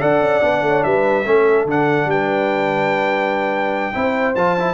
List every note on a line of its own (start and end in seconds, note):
0.00 0.21 D4
0.00 0.41 A4
0.00 0.64 D5
0.00 0.83 F#5
0.21 0.41 C#4
0.41 0.62 B3
0.41 1.24 D4
0.62 0.82 A3
0.62 0.85 C#5
0.83 1.25 G3
0.83 1.25 B4
0.83 1.66 E5
1.25 1.65 A3
1.25 1.67 C#4
1.25 2.08 A4
1.65 2.05 D3
1.65 3.93 D4
1.65 2.10 F#5
2.05 3.91 G3
2.05 3.95 B4
2.05 4.35 G5
3.93 4.35 C4
3.93 4.34 E4
3.93 4.74 C5
4.35 4.74 F3
4.35 4.58 F4
4.35 4.74 A5
4.59 4.74 E4